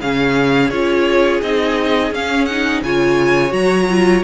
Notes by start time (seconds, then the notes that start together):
0.00 C#3 C#4 G#4 F5
0.70 C#4 F4 C#5
1.42 C4 D#4 D#5
2.11 C#4 F5
2.46 D#4 F#5
2.82 C#3 F4 C#5 G#5
3.50 F#3 F#4 A#5
3.90 F4